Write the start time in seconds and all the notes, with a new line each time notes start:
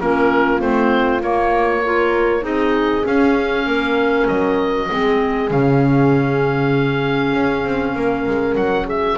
0.00 A#3 C#4 F4 A#4
0.59 A3 C4 C5
1.21 A#3 C#5
1.83 F4 A#4
2.41 C4 D#4 G#4 D#5
3.05 C#4 F5
3.66 A#3 A#4
4.28 F#3 D#5
4.89 G#3 C4 G#4
5.51 C#3 C#4 F5
7.33 C#4
7.64 C4
7.95 A#3 A#4
8.26 G#3
8.55 F#3 F#5
8.86 G#4 E5